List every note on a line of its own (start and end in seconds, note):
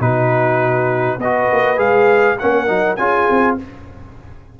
0.00 1.18 B2
0.00 1.19 D#4
0.00 1.18 F#4
0.00 1.20 B4
1.18 1.47 B3
1.18 2.37 B4
1.18 1.79 D#5
1.24 1.77 F#4
1.52 1.77 A#3
1.77 2.37 G#3
1.77 2.36 G#4
1.77 2.38 F5
2.39 2.69 A#3
2.39 2.67 C#4
2.39 2.99 A#4
2.39 2.96 F#5
2.67 2.98 F#3
2.67 2.96 D#4
2.96 3.28 C#4
2.96 3.58 F4
2.96 3.58 G#4
2.96 3.55 G#5
3.30 3.60 C4